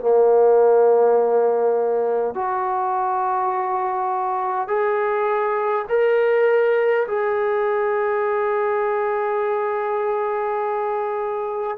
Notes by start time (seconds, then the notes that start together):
0.00 A#3
2.35 F#4
4.68 G#4
5.89 A#4
7.07 G#4